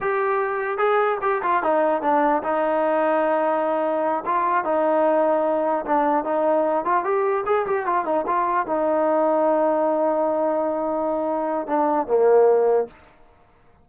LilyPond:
\new Staff \with { instrumentName = "trombone" } { \time 4/4 \tempo 4 = 149 g'2 gis'4 g'8 f'8 | dis'4 d'4 dis'2~ | dis'2~ dis'8 f'4 dis'8~ | dis'2~ dis'8 d'4 dis'8~ |
dis'4 f'8 g'4 gis'8 g'8 f'8 | dis'8 f'4 dis'2~ dis'8~ | dis'1~ | dis'4 d'4 ais2 | }